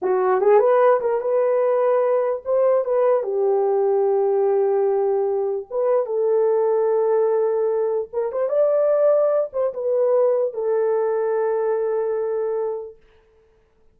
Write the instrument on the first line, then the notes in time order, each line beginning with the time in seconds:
horn
0.01 F#4
0.40 G#4
0.59 B4
1.00 A#4
1.21 B4
2.45 C5
2.85 B4
3.23 G4
5.70 B4
6.06 A4
8.12 A#4
8.31 C5
8.48 D5
9.53 C5
9.73 B4
10.53 A4